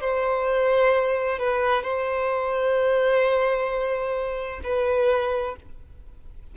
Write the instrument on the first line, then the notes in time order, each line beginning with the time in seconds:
violin
0.00 C5
1.38 B4
1.83 C5
4.63 B4